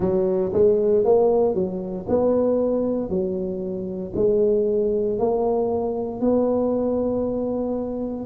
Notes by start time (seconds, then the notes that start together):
0.00 F#3
0.53 G#3
1.04 A#3
1.54 F#3
2.08 B3
3.09 F#3
4.15 G#3
5.18 A#3
6.21 B3